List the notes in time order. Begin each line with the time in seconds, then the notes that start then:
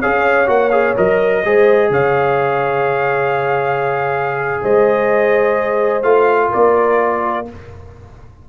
0.00 C#4 G#4 C#5 F5
0.47 A#3 F#4 F#5
0.71 G#4 F5
0.96 F#3 A#4 D#5
1.45 G#3 G#4 C5
1.90 C#3 C#5 F5
4.63 G#3 C5 D#5
6.03 A3 F4 F5
6.49 A#4 D5
6.55 A#3